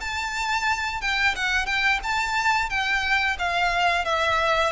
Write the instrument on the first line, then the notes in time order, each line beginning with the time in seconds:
violin
0.00 A5
1.01 G5
1.35 F#5
1.66 G5
2.03 A5
2.69 G5
3.39 F5
4.04 E5